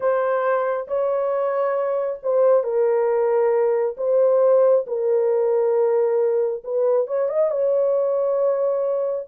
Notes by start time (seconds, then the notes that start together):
0.00 C5
0.87 C#5
2.22 C5
2.63 A#4
3.97 C5
4.86 A#4
6.64 B4
7.07 C#5
7.28 D#5
7.50 C#5